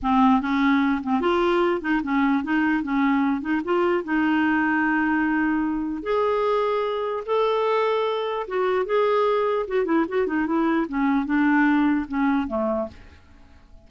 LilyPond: \new Staff \with { instrumentName = "clarinet" } { \time 4/4 \tempo 4 = 149 c'4 cis'4. c'8 f'4~ | f'8 dis'8 cis'4 dis'4 cis'4~ | cis'8 dis'8 f'4 dis'2~ | dis'2. gis'4~ |
gis'2 a'2~ | a'4 fis'4 gis'2 | fis'8 e'8 fis'8 dis'8 e'4 cis'4 | d'2 cis'4 a4 | }